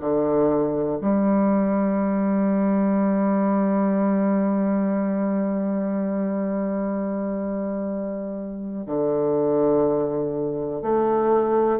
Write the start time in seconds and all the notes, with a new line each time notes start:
0.00 D3
1.01 G3
8.86 D3
10.82 A3